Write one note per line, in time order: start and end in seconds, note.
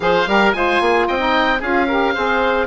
0.00 0.26 F3
0.00 0.25 G#4
0.00 0.28 C5
0.00 0.52 F5
0.26 0.53 G3
0.26 0.52 G4
0.26 0.55 A#4
0.52 0.80 G#3
0.52 1.18 F4
0.52 0.82 C5
0.52 1.06 G#5
0.80 1.07 A#3
0.80 1.07 G#4
1.07 1.61 C4
1.07 1.59 D#5
1.07 1.61 G5
1.18 1.58 D#4
1.59 2.15 C#4
1.59 1.87 F4
1.59 1.86 G#4
1.59 2.67 F5
1.87 2.14 G4
1.87 2.14 A#4
2.14 2.67 C4
2.14 2.67 G#4
2.14 2.67 C5